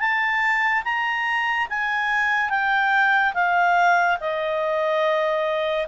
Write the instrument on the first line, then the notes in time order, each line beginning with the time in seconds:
clarinet
0.00 A5
0.84 A#5
1.70 G#5
2.50 G5
3.34 F5
4.20 D#5